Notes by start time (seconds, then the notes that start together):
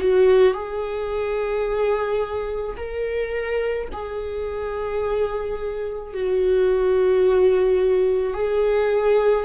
0.00 F#4
0.54 G#4
2.77 A#4
3.92 G#4
6.14 F#4
8.34 G#4